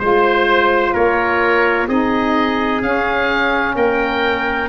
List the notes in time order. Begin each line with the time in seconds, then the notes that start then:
0.00 G#3 F4 C5
0.94 A#3 A#4 C#5
1.88 C4 D#4 G#4 D#5
2.82 C#4 F5
3.76 A#3 A#4 G5